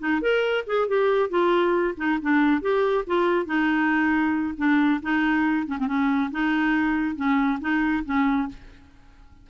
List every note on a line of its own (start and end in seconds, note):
0.00 0.22 D#4
0.22 0.65 A#4
0.67 0.88 G#4
0.88 1.30 G4
1.30 1.95 F4
1.98 2.19 D#4
2.22 2.62 D4
2.62 3.05 G4
3.07 3.46 F4
3.46 4.55 D#4
4.58 5.01 D4
5.03 5.67 D#4
5.67 5.78 C#4
5.80 5.87 C4
5.87 6.31 C#4
6.32 7.16 D#4
7.16 7.60 C#4
7.61 8.05 D#4
8.06 8.49 C#4